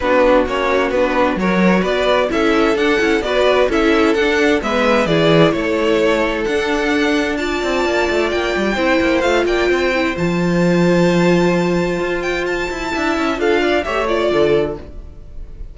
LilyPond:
<<
  \new Staff \with { instrumentName = "violin" } { \time 4/4 \tempo 4 = 130 b'4 cis''4 b'4 cis''4 | d''4 e''4 fis''4 d''4 | e''4 fis''4 e''4 d''4 | cis''2 fis''2 |
a''2 g''2 | f''8 g''4. a''2~ | a''2~ a''8 g''8 a''4~ | a''4 f''4 e''8 d''4. | }
  \new Staff \with { instrumentName = "violin" } { \time 4/4 fis'2. ais'4 | b'4 a'2 b'4 | a'2 b'4 gis'4 | a'1 |
d''2. c''4~ | c''8 d''8 c''2.~ | c''1 | e''4 a'8 d''8 cis''4 a'4 | }
  \new Staff \with { instrumentName = "viola" } { \time 4/4 d'4 cis'4 d'4 fis'4~ | fis'4 e'4 d'8 e'8 fis'4 | e'4 d'4 b4 e'4~ | e'2 d'2 |
f'2. e'4 | f'4. e'8 f'2~ | f'1 | e'4 f'4 g'8 f'4. | }
  \new Staff \with { instrumentName = "cello" } { \time 4/4 b4 ais4 b4 fis4 | b4 cis'4 d'8 cis'8 b4 | cis'4 d'4 gis4 e4 | a2 d'2~ |
d'8 c'8 ais8 a8 ais8 g8 c'8 ais8 | a8 ais8 c'4 f2~ | f2 f'4. e'8 | d'8 cis'8 d'4 a4 d4 | }
>>